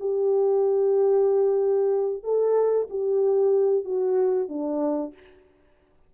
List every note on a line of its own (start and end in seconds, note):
0.00 2.24 G4
2.24 2.88 A4
2.90 3.85 G4
3.85 4.49 F#4
4.49 5.14 D4